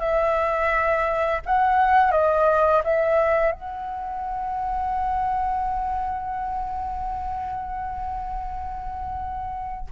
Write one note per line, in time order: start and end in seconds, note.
0.00 1.41 E5
1.46 2.12 F#5
2.12 2.82 D#5
2.85 3.52 E5
3.52 9.87 F#5